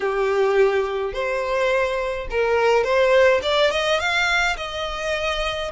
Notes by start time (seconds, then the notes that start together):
0.00 G4
1.13 C5
2.30 A#4
2.83 C5
3.42 D5
3.71 D#5
3.99 F5
4.57 D#5